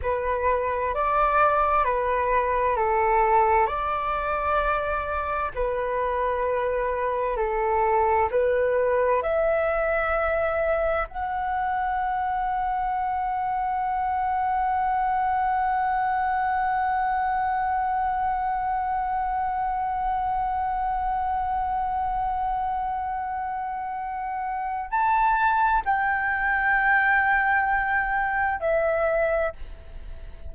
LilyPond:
\new Staff \with { instrumentName = "flute" } { \time 4/4 \tempo 4 = 65 b'4 d''4 b'4 a'4 | d''2 b'2 | a'4 b'4 e''2 | fis''1~ |
fis''1~ | fis''1~ | fis''2. a''4 | g''2. e''4 | }